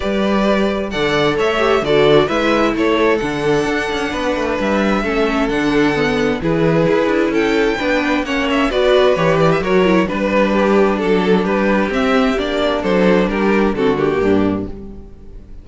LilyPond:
<<
  \new Staff \with { instrumentName = "violin" } { \time 4/4 \tempo 4 = 131 d''2 fis''4 e''4 | d''4 e''4 cis''4 fis''4~ | fis''2 e''2 | fis''2 b'2 |
g''2 fis''8 e''8 d''4 | cis''8 d''16 e''16 cis''4 b'2 | a'4 b'4 e''4 d''4 | c''4 ais'4 a'8 g'4. | }
  \new Staff \with { instrumentName = "violin" } { \time 4/4 b'2 d''4 cis''4 | a'4 b'4 a'2~ | a'4 b'2 a'4~ | a'2 gis'2 |
a'4 b'4 cis''4 b'4~ | b'4 ais'4 b'4 g'4 | a'4 g'2. | a'4 g'4 fis'4 d'4 | }
  \new Staff \with { instrumentName = "viola" } { \time 4/4 g'2 a'4. g'8 | fis'4 e'2 d'4~ | d'2. cis'4 | d'4 b4 e'2~ |
e'4 d'4 cis'4 fis'4 | g'4 fis'8 e'8 d'2~ | d'2 c'4 d'4~ | d'2 c'8 ais4. | }
  \new Staff \with { instrumentName = "cello" } { \time 4/4 g2 d4 a4 | d4 gis4 a4 d4 | d'8 cis'8 b8 a8 g4 a4 | d2 e4 e'8 d'8 |
cis'4 b4 ais4 b4 | e4 fis4 g2 | fis4 g4 c'4 ais4 | fis4 g4 d4 g,4 | }
>>